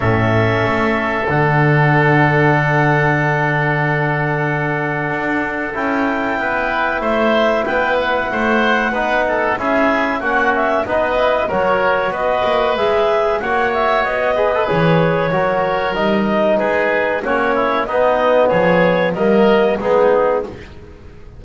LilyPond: <<
  \new Staff \with { instrumentName = "clarinet" } { \time 4/4 \tempo 4 = 94 e''2 fis''2~ | fis''1~ | fis''4 g''2 e''4 | g''8 fis''2~ fis''8 e''4 |
fis''8 e''8 dis''4 cis''4 dis''4 | e''4 fis''8 e''8 dis''4 cis''4~ | cis''4 dis''4 b'4 cis''4 | dis''4 cis''4 dis''4 gis'4 | }
  \new Staff \with { instrumentName = "oboe" } { \time 4/4 a'1~ | a'1~ | a'2 b'4 c''4 | b'4 c''4 b'8 a'8 gis'4 |
fis'4 b'4 ais'4 b'4~ | b'4 cis''4. b'4. | ais'2 gis'4 fis'8 e'8 | dis'4 gis'4 ais'4 dis'4 | }
  \new Staff \with { instrumentName = "trombone" } { \time 4/4 cis'2 d'2~ | d'1~ | d'4 e'2.~ | e'2 dis'4 e'4 |
cis'4 dis'8 e'8 fis'2 | gis'4 fis'4. gis'16 a'16 gis'4 | fis'4 dis'2 cis'4 | b2 ais4 b4 | }
  \new Staff \with { instrumentName = "double bass" } { \time 4/4 a,4 a4 d2~ | d1 | d'4 cis'4 b4 a4 | b4 a4 b4 cis'4 |
ais4 b4 fis4 b8 ais8 | gis4 ais4 b4 e4 | fis4 g4 gis4 ais4 | b4 f4 g4 gis4 | }
>>